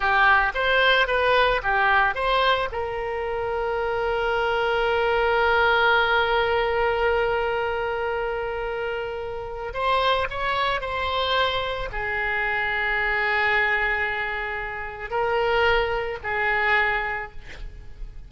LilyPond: \new Staff \with { instrumentName = "oboe" } { \time 4/4 \tempo 4 = 111 g'4 c''4 b'4 g'4 | c''4 ais'2.~ | ais'1~ | ais'1~ |
ais'2 c''4 cis''4 | c''2 gis'2~ | gis'1 | ais'2 gis'2 | }